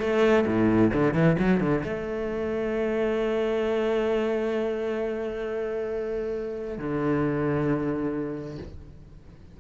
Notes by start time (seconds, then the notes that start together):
0.00 A3
0.46 A2
0.94 D3
1.14 E3
1.39 F#3
1.60 D3
1.84 A3
6.78 D3